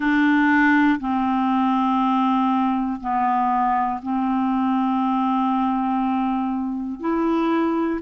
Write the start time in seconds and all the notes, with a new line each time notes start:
0.00 D4
1.00 C4
3.00 B3
4.02 C4
7.00 E4